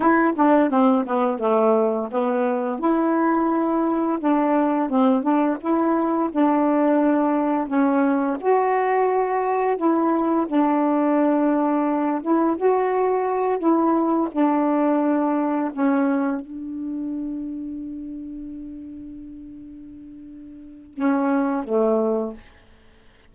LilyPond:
\new Staff \with { instrumentName = "saxophone" } { \time 4/4 \tempo 4 = 86 e'8 d'8 c'8 b8 a4 b4 | e'2 d'4 c'8 d'8 | e'4 d'2 cis'4 | fis'2 e'4 d'4~ |
d'4. e'8 fis'4. e'8~ | e'8 d'2 cis'4 d'8~ | d'1~ | d'2 cis'4 a4 | }